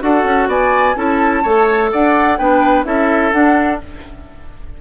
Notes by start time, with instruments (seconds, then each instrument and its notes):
0.00 bassoon D4, clarinet F#4, oboe A4, flute F#5
0.24 bassoon C#4
0.47 bassoon B3, oboe D5, flute G#5
0.96 bassoon C#4, clarinet E4, oboe A4, flute A5
1.43 bassoon A3, clarinet A4, oboe C#5
1.92 bassoon D4, oboe D5, flute F#5
2.37 bassoon B3, clarinet D4, oboe B4, flute G5
2.85 bassoon C#4, clarinet E4, oboe A4, flute E5
3.32 bassoon D4, clarinet D4, flute F#5